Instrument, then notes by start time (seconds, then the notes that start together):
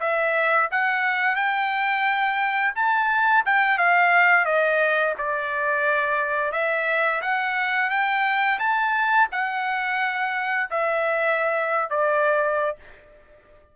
trumpet
0.00 E5
0.71 F#5
1.36 G5
2.75 A5
3.46 G5
3.78 F5
4.45 D#5
5.18 D5
6.52 E5
7.22 F#5
7.90 G5
8.59 A5
9.32 F#5
10.70 E5
11.90 D5